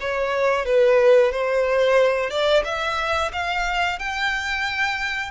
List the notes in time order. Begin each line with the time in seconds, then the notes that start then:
0.00 C#5
0.65 B4
1.32 C5
2.30 D5
2.64 E5
3.32 F5
3.98 G5